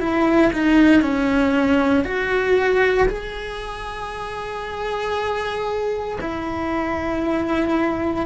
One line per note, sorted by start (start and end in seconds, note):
0.00 0.52 E4
0.53 1.02 D#4
1.02 2.05 C#4
2.05 3.08 F#4
3.08 6.19 G#4
6.21 8.26 E4